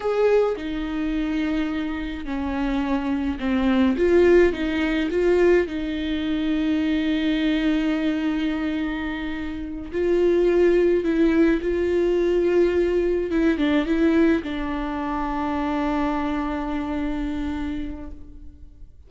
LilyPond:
\new Staff \with { instrumentName = "viola" } { \time 4/4 \tempo 4 = 106 gis'4 dis'2. | cis'2 c'4 f'4 | dis'4 f'4 dis'2~ | dis'1~ |
dis'4. f'2 e'8~ | e'8 f'2. e'8 | d'8 e'4 d'2~ d'8~ | d'1 | }